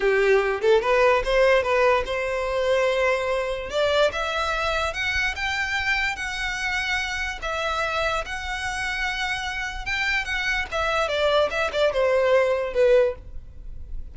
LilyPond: \new Staff \with { instrumentName = "violin" } { \time 4/4 \tempo 4 = 146 g'4. a'8 b'4 c''4 | b'4 c''2.~ | c''4 d''4 e''2 | fis''4 g''2 fis''4~ |
fis''2 e''2 | fis''1 | g''4 fis''4 e''4 d''4 | e''8 d''8 c''2 b'4 | }